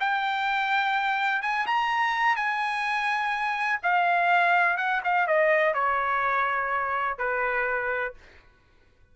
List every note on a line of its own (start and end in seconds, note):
0.00 1.42 G5
1.42 1.66 G#5
1.66 2.36 A#5
2.36 3.80 G#5
3.83 4.77 F5
4.77 5.01 F#5
5.04 5.28 F5
5.28 5.74 D#5
5.74 7.18 C#5
7.18 8.14 B4